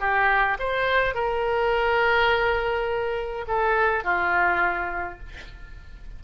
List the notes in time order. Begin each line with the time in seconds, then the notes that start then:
0.00 G4
0.59 C5
1.15 A#4
3.48 A4
4.04 F4